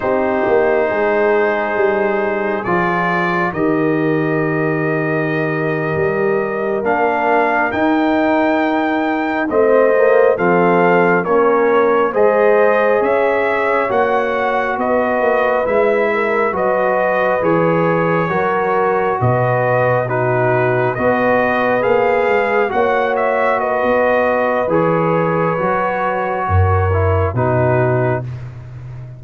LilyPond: <<
  \new Staff \with { instrumentName = "trumpet" } { \time 4/4 \tempo 4 = 68 c''2. d''4 | dis''2.~ dis''8. f''16~ | f''8. g''2 dis''4 f''16~ | f''8. cis''4 dis''4 e''4 fis''16~ |
fis''8. dis''4 e''4 dis''4 cis''16~ | cis''4.~ cis''16 dis''4 b'4 dis''16~ | dis''8. f''4 fis''8 e''8 dis''4~ dis''16 | cis''2. b'4 | }
  \new Staff \with { instrumentName = "horn" } { \time 4/4 g'4 gis'2. | ais'1~ | ais'2~ ais'8. c''4 a'16~ | a'8. ais'4 c''4 cis''4~ cis''16~ |
cis''8. b'4. ais'8 b'4~ b'16~ | b'8. ais'4 b'4 fis'4 b'16~ | b'4.~ b'16 cis''4 b'4~ b'16~ | b'2 ais'4 fis'4 | }
  \new Staff \with { instrumentName = "trombone" } { \time 4/4 dis'2. f'4 | g'2.~ g'8. d'16~ | d'8. dis'2 c'8 ais8 c'16~ | c'8. cis'4 gis'2 fis'16~ |
fis'4.~ fis'16 e'4 fis'4 gis'16~ | gis'8. fis'2 dis'4 fis'16~ | fis'8. gis'4 fis'2~ fis'16 | gis'4 fis'4. e'8 dis'4 | }
  \new Staff \with { instrumentName = "tuba" } { \time 4/4 c'8 ais8 gis4 g4 f4 | dis2~ dis8. g4 ais16~ | ais8. dis'2 a4 f16~ | f8. ais4 gis4 cis'4 ais16~ |
ais8. b8 ais8 gis4 fis4 e16~ | e8. fis4 b,2 b16~ | b8. ais8 gis8 ais4~ ais16 b4 | e4 fis4 fis,4 b,4 | }
>>